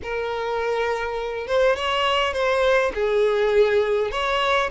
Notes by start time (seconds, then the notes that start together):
0.03 A#4
1.47 C5
1.76 C#5
2.33 C5
2.94 G#4
4.11 C#5